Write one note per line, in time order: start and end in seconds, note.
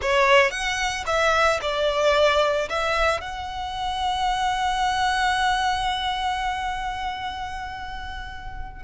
0.01 0.50 C#5
0.50 1.04 F#5
1.06 1.59 E5
1.61 2.68 D5
2.69 3.20 E5
3.20 8.83 F#5